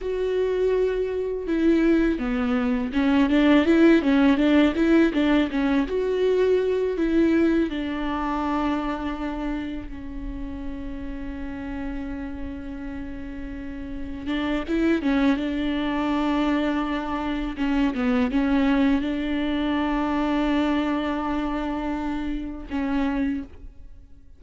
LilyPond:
\new Staff \with { instrumentName = "viola" } { \time 4/4 \tempo 4 = 82 fis'2 e'4 b4 | cis'8 d'8 e'8 cis'8 d'8 e'8 d'8 cis'8 | fis'4. e'4 d'4.~ | d'4. cis'2~ cis'8~ |
cis'2.~ cis'8 d'8 | e'8 cis'8 d'2. | cis'8 b8 cis'4 d'2~ | d'2. cis'4 | }